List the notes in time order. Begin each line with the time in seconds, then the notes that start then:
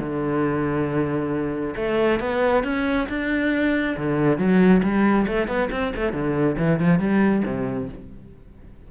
0.00 D3
1.76 A3
2.20 B3
2.64 C#4
3.09 D4
3.98 D3
4.38 F#3
4.83 G3
5.28 A3
5.48 B3
5.72 C4
5.96 A3
6.13 D3
6.59 E3
6.80 F3
7.00 G3
7.46 C3